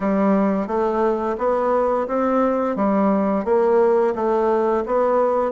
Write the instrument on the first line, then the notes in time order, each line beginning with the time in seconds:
bassoon
0.00 G3
0.67 A3
1.38 B3
2.07 C4
2.76 G3
3.45 A#3
4.15 A3
4.86 B3